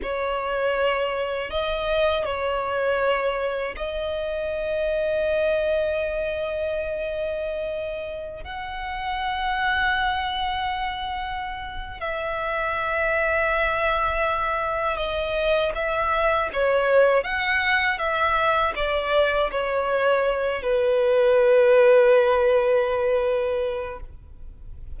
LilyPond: \new Staff \with { instrumentName = "violin" } { \time 4/4 \tempo 4 = 80 cis''2 dis''4 cis''4~ | cis''4 dis''2.~ | dis''2.~ dis''16 fis''8.~ | fis''1 |
e''1 | dis''4 e''4 cis''4 fis''4 | e''4 d''4 cis''4. b'8~ | b'1 | }